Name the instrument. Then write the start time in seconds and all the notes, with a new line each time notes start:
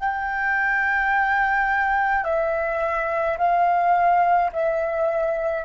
flute
0.00 G5
2.24 E5
3.38 F5
4.53 E5